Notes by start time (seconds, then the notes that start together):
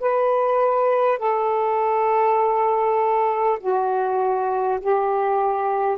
0.00 B4
1.19 A4
3.59 F#4
4.81 G4